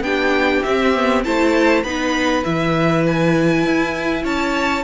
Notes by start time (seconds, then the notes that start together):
0.00 B3 D4 G4 G5
0.62 C4 E5
0.94 B3
1.24 A3 E4 C5 A5
1.83 B3 D#4 B4 B5
2.44 E3 E4 E5
3.06 G#5
3.65 E4
4.23 C#4 C#5 A5